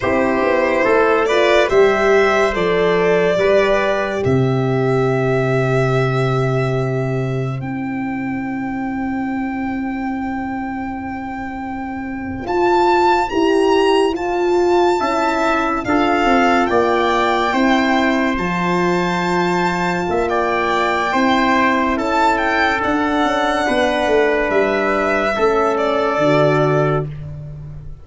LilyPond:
<<
  \new Staff \with { instrumentName = "violin" } { \time 4/4 \tempo 4 = 71 c''4. d''8 e''4 d''4~ | d''4 e''2.~ | e''4 g''2.~ | g''2~ g''8. a''4 ais''16~ |
ais''8. a''2 f''4 g''16~ | g''4.~ g''16 a''2~ a''16 | g''2 a''8 g''8 fis''4~ | fis''4 e''4. d''4. | }
  \new Staff \with { instrumentName = "trumpet" } { \time 4/4 g'4 a'8 b'8 c''2 | b'4 c''2.~ | c''1~ | c''1~ |
c''4.~ c''16 e''4 a'4 d''16~ | d''8. c''2. e''16 | d''4 c''4 a'2 | b'2 a'2 | }
  \new Staff \with { instrumentName = "horn" } { \time 4/4 e'4. f'8 g'4 a'4 | g'1~ | g'4 e'2.~ | e'2~ e'8. f'4 g'16~ |
g'8. f'4 e'4 f'4~ f'16~ | f'8. e'4 f'2~ f'16~ | f'4 e'2 d'4~ | d'2 cis'4 fis'4 | }
  \new Staff \with { instrumentName = "tuba" } { \time 4/4 c'8 b8 a4 g4 f4 | g4 c2.~ | c4 c'2.~ | c'2~ c'8. f'4 e'16~ |
e'8. f'4 cis'4 d'8 c'8 ais16~ | ais8. c'4 f2 ais16~ | ais4 c'4 cis'4 d'8 cis'8 | b8 a8 g4 a4 d4 | }
>>